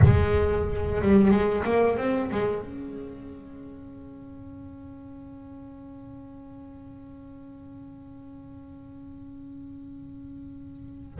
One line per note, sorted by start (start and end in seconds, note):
0.04 1.01 G#3
1.01 1.30 G3
1.30 1.63 G#3
1.64 1.97 A#3
1.97 2.30 C4
2.31 2.62 G#3
2.62 11.19 C#4